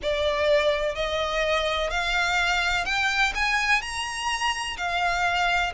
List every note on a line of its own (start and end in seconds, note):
0.02 0.95 D5
0.95 1.90 D#5
1.90 2.85 F5
2.85 3.32 G5
3.34 3.81 G#5
3.81 4.76 A#5
4.77 5.72 F5